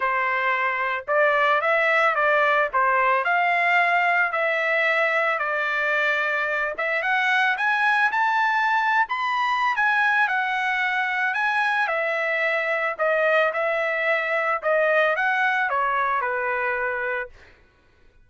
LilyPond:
\new Staff \with { instrumentName = "trumpet" } { \time 4/4 \tempo 4 = 111 c''2 d''4 e''4 | d''4 c''4 f''2 | e''2 d''2~ | d''8 e''8 fis''4 gis''4 a''4~ |
a''8. b''4~ b''16 gis''4 fis''4~ | fis''4 gis''4 e''2 | dis''4 e''2 dis''4 | fis''4 cis''4 b'2 | }